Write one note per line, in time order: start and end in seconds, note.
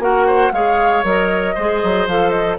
0.00 0.51 A#3
0.00 0.52 F#4
0.00 0.27 A#4
0.00 0.53 F#5
0.27 0.53 C5
0.53 1.04 G#3
0.53 1.04 G#4
0.53 1.55 C#5
0.53 1.04 F5
1.04 1.56 F#3
1.04 1.55 A#4
1.04 2.08 D#5
1.55 1.84 G#3
1.55 2.10 G#4
1.55 2.58 C5
1.84 2.07 F#3
2.07 2.59 F3
2.07 2.59 A4
2.07 2.30 F5
2.30 2.56 D#5